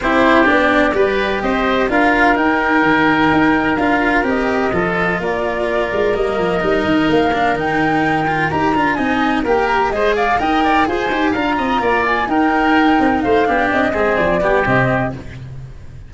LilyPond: <<
  \new Staff \with { instrumentName = "flute" } { \time 4/4 \tempo 4 = 127 c''4 d''2 dis''4 | f''4 g''2. | f''4 dis''2 d''4~ | d''4 dis''2 f''4 |
g''2 ais''4 gis''4 | g''8 ais''8 dis''8 f''8 g''4 gis''4 | ais''4. gis''8 g''2 | f''4 dis''4 d''4 dis''4 | }
  \new Staff \with { instrumentName = "oboe" } { \time 4/4 g'2 b'4 c''4 | ais'1~ | ais'2 a'4 ais'4~ | ais'1~ |
ais'2. dis''4 | ais'4 c''8 d''8 dis''8 d''8 c''4 | f''8 dis''8 d''4 ais'2 | c''8 g'4 gis'4 g'4. | }
  \new Staff \with { instrumentName = "cello" } { \time 4/4 e'4 d'4 g'2 | f'4 dis'2. | f'4 g'4 f'2~ | f'4 ais4 dis'4. d'8 |
dis'4. f'8 g'8 f'8 dis'4 | g'4 gis'4 ais'4 gis'8 g'8 | f'2 dis'2~ | dis'8 d'4 c'4 b8 c'4 | }
  \new Staff \with { instrumentName = "tuba" } { \time 4/4 c'4 b4 g4 c'4 | d'4 dis'4 dis4 dis'4 | d'4 c'4 f4 ais4~ | ais8 gis8 g8 f8 g8 dis8 ais4 |
dis2 dis'8 d'8 c'4 | ais4 gis4 dis'4 f'8 dis'8 | d'8 c'8 ais4 dis'4. c'8 | a8 b8 c'8 gis8 f8 g8 c4 | }
>>